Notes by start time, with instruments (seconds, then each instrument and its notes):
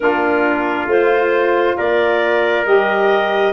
0.00 tuba A#3, saxophone D4, trumpet F4, clarinet A#4
0.86 tuba A3, saxophone F4, clarinet C5
1.77 tuba A#3, trumpet A#4, clarinet D5
2.65 tuba G3, saxophone G4, clarinet D#5